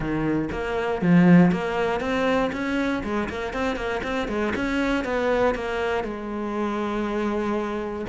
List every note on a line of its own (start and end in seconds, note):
0.00 0.49 D#3
0.51 1.01 A#3
1.01 1.51 F3
1.51 2.00 A#3
2.00 2.50 C4
2.52 3.03 C#4
3.03 3.28 G#3
3.29 3.53 A#3
3.53 3.75 C4
3.75 4.01 A#3
4.03 4.27 C4
4.27 4.53 G#3
4.55 5.04 C#4
5.04 5.54 B3
5.54 6.04 A#3
6.04 8.05 G#3